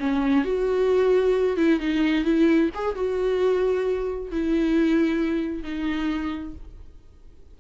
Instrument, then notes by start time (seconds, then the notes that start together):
viola
0.00 C#4
0.45 F#4
1.57 E4
1.80 D#4
2.25 E4
2.75 G#4
2.95 F#4
4.32 E4
5.64 D#4